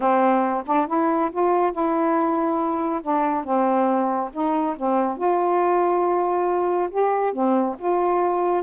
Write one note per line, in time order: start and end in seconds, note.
0.00 0.63 C4
0.66 0.87 D4
0.87 1.30 E4
1.31 1.71 F4
1.71 3.01 E4
3.02 3.44 D4
3.44 4.30 C4
4.32 4.76 D#4
4.76 5.17 C4
5.17 6.89 F4
6.90 7.32 G4
7.32 7.76 C4
7.78 8.63 F4